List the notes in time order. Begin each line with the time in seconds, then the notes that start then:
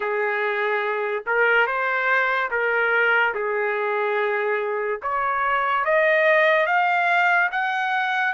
0.00 G#4
1.26 A#4
1.66 C5
2.50 A#4
3.34 G#4
5.02 C#5
5.84 D#5
6.66 F5
7.51 F#5